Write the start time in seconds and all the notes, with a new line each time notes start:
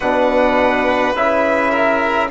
0.00 B2 D4 B4 F#5
1.14 C#3 E4 E5
1.70 A#4